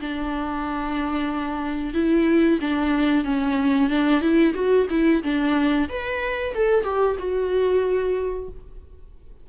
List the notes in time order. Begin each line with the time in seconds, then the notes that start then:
0.00 D4
1.93 E4
2.61 D4
3.24 C#4
3.89 D4
4.21 E4
4.54 F#4
4.90 E4
5.23 D4
5.88 B4
6.54 A4
6.84 G4
7.18 F#4